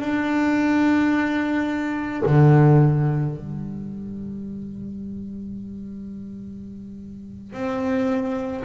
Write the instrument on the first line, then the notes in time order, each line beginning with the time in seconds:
double bass
0.00 D4
2.25 D3
3.36 G3
7.52 C4